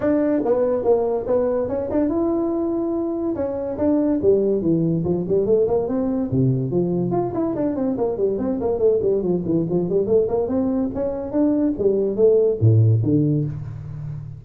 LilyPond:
\new Staff \with { instrumentName = "tuba" } { \time 4/4 \tempo 4 = 143 d'4 b4 ais4 b4 | cis'8 d'8 e'2. | cis'4 d'4 g4 e4 | f8 g8 a8 ais8 c'4 c4 |
f4 f'8 e'8 d'8 c'8 ais8 g8 | c'8 ais8 a8 g8 f8 e8 f8 g8 | a8 ais8 c'4 cis'4 d'4 | g4 a4 a,4 d4 | }